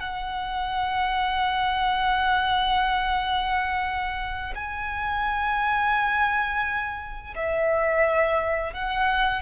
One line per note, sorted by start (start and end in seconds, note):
0.00 4.53 F#5
4.55 7.34 G#5
7.36 8.74 E5
8.74 9.42 F#5